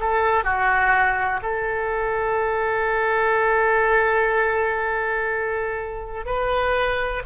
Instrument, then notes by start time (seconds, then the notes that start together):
oboe
0.00 A4
0.44 F#4
1.43 A4
6.26 B4